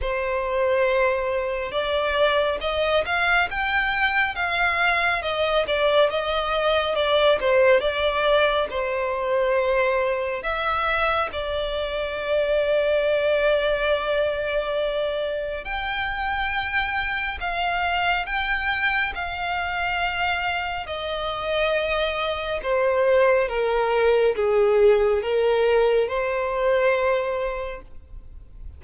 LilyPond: \new Staff \with { instrumentName = "violin" } { \time 4/4 \tempo 4 = 69 c''2 d''4 dis''8 f''8 | g''4 f''4 dis''8 d''8 dis''4 | d''8 c''8 d''4 c''2 | e''4 d''2.~ |
d''2 g''2 | f''4 g''4 f''2 | dis''2 c''4 ais'4 | gis'4 ais'4 c''2 | }